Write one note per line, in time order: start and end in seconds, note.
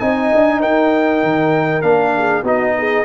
0.00 0.32 C4
0.00 1.83 D#4
0.00 0.61 D#5
0.00 0.61 G#5
0.34 0.62 D4
0.61 1.23 D#4
0.61 2.14 A#4
0.61 1.82 G5
1.23 1.83 D#3
1.82 2.43 A#3
1.82 2.44 D4
1.82 2.43 F5
2.17 2.43 G#4
2.43 3.04 B3
2.43 3.05 D#4
2.43 2.74 F#4
2.43 3.05 D#5
2.79 3.05 G#4